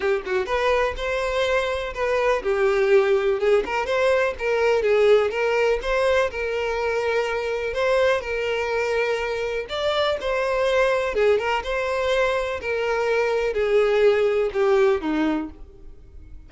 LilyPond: \new Staff \with { instrumentName = "violin" } { \time 4/4 \tempo 4 = 124 g'8 fis'8 b'4 c''2 | b'4 g'2 gis'8 ais'8 | c''4 ais'4 gis'4 ais'4 | c''4 ais'2. |
c''4 ais'2. | d''4 c''2 gis'8 ais'8 | c''2 ais'2 | gis'2 g'4 dis'4 | }